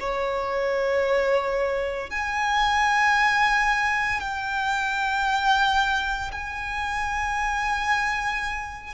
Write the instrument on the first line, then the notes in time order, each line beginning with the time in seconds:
violin
0.00 C#5
2.11 G#5
4.21 G5
6.32 G#5